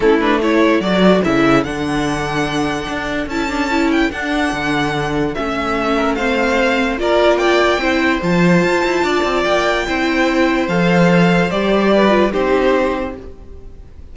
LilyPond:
<<
  \new Staff \with { instrumentName = "violin" } { \time 4/4 \tempo 4 = 146 a'8 b'8 cis''4 d''4 e''4 | fis''1 | a''4. g''8 fis''2~ | fis''4 e''2 f''4~ |
f''4 d''4 g''2 | a''2. g''4~ | g''2 f''2 | d''2 c''2 | }
  \new Staff \with { instrumentName = "violin" } { \time 4/4 e'4 a'2.~ | a'1~ | a'1~ | a'2~ a'8 ais'8 c''4~ |
c''4 ais'4 d''4 c''4~ | c''2 d''2 | c''1~ | c''4 b'4 g'2 | }
  \new Staff \with { instrumentName = "viola" } { \time 4/4 cis'8 d'8 e'4 fis'4 e'4 | d'1 | e'8 d'8 e'4 d'2~ | d'4 cis'2 c'4~ |
c'4 f'2 e'4 | f'1 | e'2 a'2 | g'4. f'8 dis'2 | }
  \new Staff \with { instrumentName = "cello" } { \time 4/4 a2 fis4 cis4 | d2. d'4 | cis'2 d'4 d4~ | d4 a2.~ |
a4 ais2 c'4 | f4 f'8 e'8 d'8 c'8 ais4 | c'2 f2 | g2 c'2 | }
>>